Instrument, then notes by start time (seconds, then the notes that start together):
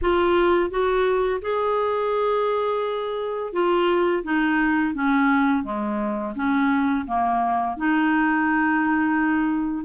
clarinet
0.01 F4
0.70 F#4
1.41 G#4
3.52 F4
4.24 D#4
4.94 C#4
5.63 G#3
6.35 C#4
7.07 A#3
7.76 D#4